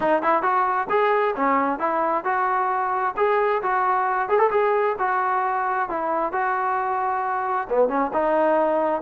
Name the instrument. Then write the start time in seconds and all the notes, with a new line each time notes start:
trombone
0.00 D#4
0.22 E4
0.42 F#4
0.89 G#4
1.35 C#4
1.79 E4
2.24 F#4
3.16 G#4
3.62 F#4
4.29 G#4
4.38 A4
4.50 G#4
4.98 F#4
5.89 E4
6.32 F#4
7.69 B3
7.88 C#4
8.13 D#4